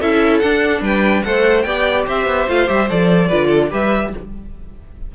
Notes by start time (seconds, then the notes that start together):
0.00 C#4 E4 A4 E5
0.40 D4 F#5
0.81 G3 B4 G5
1.24 A3 A4 C5 F#5
1.62 B3 G4 D5 G5
2.07 C4 C5 E5
2.27 B3
2.49 A3 F4 F5
2.67 G3 G4 E5
2.90 F3 A4 D5
3.28 D3 F4 B4
3.47 A4
3.71 G3 G4 B4 E5